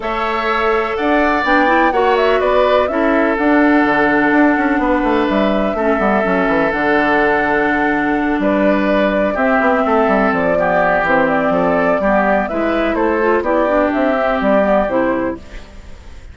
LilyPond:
<<
  \new Staff \with { instrumentName = "flute" } { \time 4/4 \tempo 4 = 125 e''2 fis''4 g''4 | fis''8 e''8 d''4 e''4 fis''4~ | fis''2. e''4~ | e''2 fis''2~ |
fis''4. d''2 e''8~ | e''4. d''4. c''8 d''8~ | d''2 e''4 c''4 | d''4 e''4 d''4 c''4 | }
  \new Staff \with { instrumentName = "oboe" } { \time 4/4 cis''2 d''2 | cis''4 b'4 a'2~ | a'2 b'2 | a'1~ |
a'4. b'2 g'8~ | g'8 a'4. g'2 | a'4 g'4 b'4 a'4 | g'1 | }
  \new Staff \with { instrumentName = "clarinet" } { \time 4/4 a'2. d'8 e'8 | fis'2 e'4 d'4~ | d'1 | cis'8 b8 cis'4 d'2~ |
d'2.~ d'8 c'8~ | c'2 b4 c'4~ | c'4 b4 e'4. f'8 | e'8 d'4 c'4 b8 e'4 | }
  \new Staff \with { instrumentName = "bassoon" } { \time 4/4 a2 d'4 b4 | ais4 b4 cis'4 d'4 | d4 d'8 cis'8 b8 a8 g4 | a8 g8 fis8 e8 d2~ |
d4. g2 c'8 | b8 a8 g8 f4. e4 | f4 g4 gis4 a4 | b4 c'4 g4 c4 | }
>>